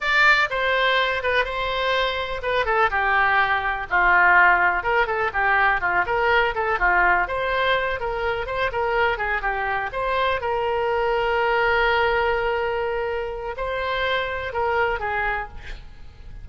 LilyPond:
\new Staff \with { instrumentName = "oboe" } { \time 4/4 \tempo 4 = 124 d''4 c''4. b'8 c''4~ | c''4 b'8 a'8 g'2 | f'2 ais'8 a'8 g'4 | f'8 ais'4 a'8 f'4 c''4~ |
c''8 ais'4 c''8 ais'4 gis'8 g'8~ | g'8 c''4 ais'2~ ais'8~ | ais'1 | c''2 ais'4 gis'4 | }